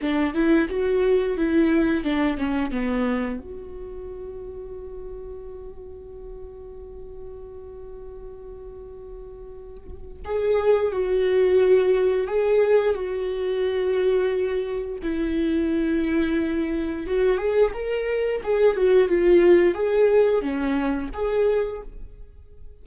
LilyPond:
\new Staff \with { instrumentName = "viola" } { \time 4/4 \tempo 4 = 88 d'8 e'8 fis'4 e'4 d'8 cis'8 | b4 fis'2.~ | fis'1~ | fis'2. gis'4 |
fis'2 gis'4 fis'4~ | fis'2 e'2~ | e'4 fis'8 gis'8 ais'4 gis'8 fis'8 | f'4 gis'4 cis'4 gis'4 | }